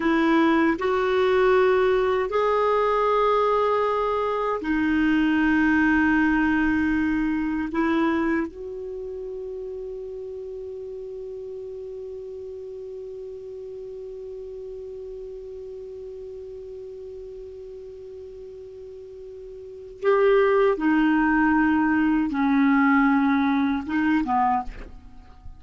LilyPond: \new Staff \with { instrumentName = "clarinet" } { \time 4/4 \tempo 4 = 78 e'4 fis'2 gis'4~ | gis'2 dis'2~ | dis'2 e'4 fis'4~ | fis'1~ |
fis'1~ | fis'1~ | fis'2 g'4 dis'4~ | dis'4 cis'2 dis'8 b8 | }